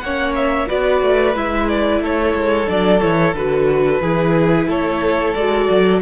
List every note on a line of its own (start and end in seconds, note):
0.00 0.68 A#3
0.00 0.67 C#4
0.00 0.68 C#5
0.00 0.33 F#5
0.35 0.68 E5
0.67 1.02 B3
0.67 1.34 F#4
0.67 2.02 B4
0.67 1.36 D5
1.02 1.35 A3
1.34 2.01 G#3
1.34 2.66 E4
1.34 1.68 E5
1.68 2.02 D5
2.01 2.34 A3
2.01 4.02 A4
2.01 2.69 C#5
2.34 2.68 G#3
2.66 3.02 F#3
2.66 2.99 D4
2.66 3.02 D5
3.01 3.34 E3
3.01 3.35 E4
3.01 3.35 C#5
3.34 4.00 D3
3.34 4.02 F#4
3.34 4.69 B4
4.01 4.67 E3
4.01 5.35 E4
4.01 4.67 G#4
4.67 5.34 A3
4.67 6.00 A4
4.67 5.34 C#5
5.34 5.69 G#3
5.34 6.02 F#4
5.34 6.01 D5
5.70 6.02 F#3